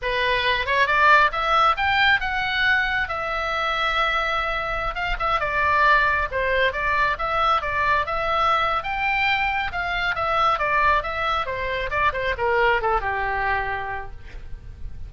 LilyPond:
\new Staff \with { instrumentName = "oboe" } { \time 4/4 \tempo 4 = 136 b'4. cis''8 d''4 e''4 | g''4 fis''2 e''4~ | e''2.~ e''16 f''8 e''16~ | e''16 d''2 c''4 d''8.~ |
d''16 e''4 d''4 e''4.~ e''16 | g''2 f''4 e''4 | d''4 e''4 c''4 d''8 c''8 | ais'4 a'8 g'2~ g'8 | }